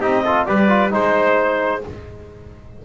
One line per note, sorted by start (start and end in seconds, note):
0.00 0.46 C4
0.00 0.25 D#4
0.00 0.23 G4
0.00 0.45 D#5
0.24 0.46 F4
0.24 0.47 A4
0.45 0.93 G3
0.45 0.68 G4
0.45 0.93 B4
0.45 0.90 D5
0.68 0.90 F4
0.90 1.84 G#3
0.90 1.81 D#4
0.90 1.84 C5